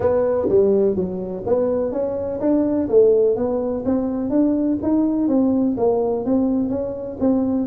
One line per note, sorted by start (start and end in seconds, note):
0.00 0.48 B3
0.48 0.95 G3
0.95 1.43 F#3
1.46 1.92 B3
1.92 2.40 C#4
2.40 2.88 D4
2.88 3.36 A3
3.36 3.84 B3
3.85 4.30 C4
4.30 4.78 D4
4.82 5.28 D#4
5.28 5.76 C4
5.77 6.25 A#3
6.25 6.69 C4
6.69 7.17 C#4
7.20 7.67 C4